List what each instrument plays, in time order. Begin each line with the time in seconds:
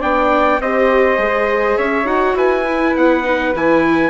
0.00 bassoon B3, viola D4, flute D5, trumpet G5
0.60 bassoon C4, viola G4, flute C5, trumpet D#5
1.17 bassoon G#3, viola G#4
1.77 bassoon C#4, flute C#5, trumpet E5
2.05 bassoon D#4, viola F#4, trumpet F#5
2.34 bassoon E4, flute B4, trumpet G#5
2.67 viola E4
2.96 bassoon B3, trumpet F#5
3.24 viola D#4
3.55 bassoon E3, viola E4, trumpet G#5